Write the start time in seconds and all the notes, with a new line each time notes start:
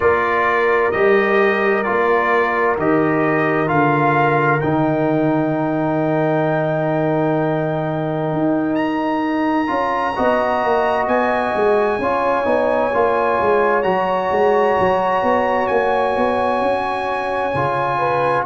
0.00 A#3 F4 A#4 D5
0.91 G3 G4 D#5
1.83 A#3 F4 D5
2.77 D#3 G4 D#5
3.66 D3 F4 F5
4.60 D#3 D#4 G5
8.32 D#4
8.75 A#5
9.67 C#4 F4
10.15 B3 F#4 D#5
10.64 A#3
11.07 B3 G#5
11.54 G#3
11.98 C#4 F4 C#5
12.44 B3 D#4
12.93 A#3 F4
13.41 G#3
13.82 F#3 F#4 A#5
14.31 G#3
14.79 F#3
15.22 B3
15.67 A#3 G#5
16.16 B3
16.61 C#4
17.54 C#3 F4
17.98 B4